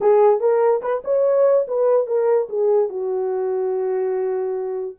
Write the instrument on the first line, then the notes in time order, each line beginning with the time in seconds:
horn
0.00 G#4
0.39 A#4
0.82 B4
1.04 C#5
1.67 B4
2.06 A#4
2.49 G#4
2.89 F#4